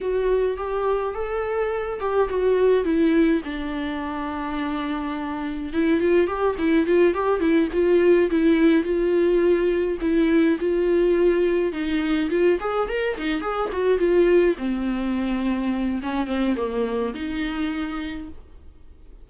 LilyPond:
\new Staff \with { instrumentName = "viola" } { \time 4/4 \tempo 4 = 105 fis'4 g'4 a'4. g'8 | fis'4 e'4 d'2~ | d'2 e'8 f'8 g'8 e'8 | f'8 g'8 e'8 f'4 e'4 f'8~ |
f'4. e'4 f'4.~ | f'8 dis'4 f'8 gis'8 ais'8 dis'8 gis'8 | fis'8 f'4 c'2~ c'8 | cis'8 c'8 ais4 dis'2 | }